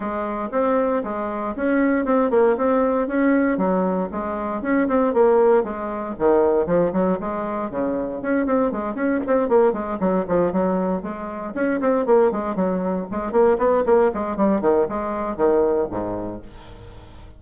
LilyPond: \new Staff \with { instrumentName = "bassoon" } { \time 4/4 \tempo 4 = 117 gis4 c'4 gis4 cis'4 | c'8 ais8 c'4 cis'4 fis4 | gis4 cis'8 c'8 ais4 gis4 | dis4 f8 fis8 gis4 cis4 |
cis'8 c'8 gis8 cis'8 c'8 ais8 gis8 fis8 | f8 fis4 gis4 cis'8 c'8 ais8 | gis8 fis4 gis8 ais8 b8 ais8 gis8 | g8 dis8 gis4 dis4 gis,4 | }